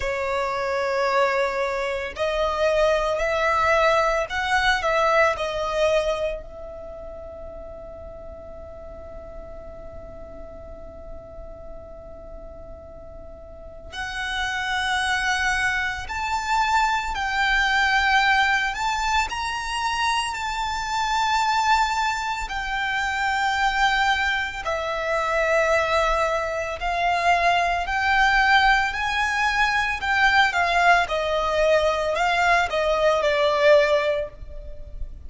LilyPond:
\new Staff \with { instrumentName = "violin" } { \time 4/4 \tempo 4 = 56 cis''2 dis''4 e''4 | fis''8 e''8 dis''4 e''2~ | e''1~ | e''4 fis''2 a''4 |
g''4. a''8 ais''4 a''4~ | a''4 g''2 e''4~ | e''4 f''4 g''4 gis''4 | g''8 f''8 dis''4 f''8 dis''8 d''4 | }